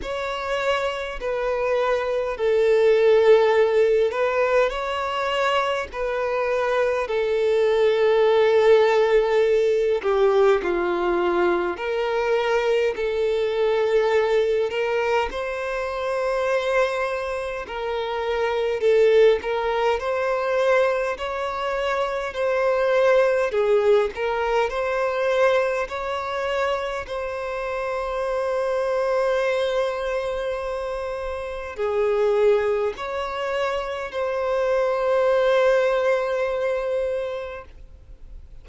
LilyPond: \new Staff \with { instrumentName = "violin" } { \time 4/4 \tempo 4 = 51 cis''4 b'4 a'4. b'8 | cis''4 b'4 a'2~ | a'8 g'8 f'4 ais'4 a'4~ | a'8 ais'8 c''2 ais'4 |
a'8 ais'8 c''4 cis''4 c''4 | gis'8 ais'8 c''4 cis''4 c''4~ | c''2. gis'4 | cis''4 c''2. | }